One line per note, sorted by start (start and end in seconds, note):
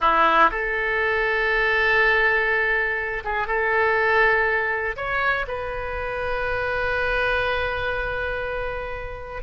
0.00 0.50 E4
0.51 3.23 A4
3.24 3.47 G#4
3.47 4.95 A4
4.96 5.45 C#5
5.47 9.42 B4